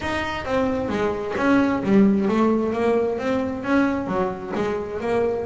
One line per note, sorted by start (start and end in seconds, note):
0.00 0.45 D#4
0.45 0.88 C4
0.88 1.34 G#3
1.37 1.82 C#4
1.83 2.28 G3
2.28 2.73 A3
2.73 3.18 A#3
3.18 3.63 C4
3.63 4.07 C#4
4.07 4.52 F#3
4.55 5.00 G#3
5.00 5.45 A#3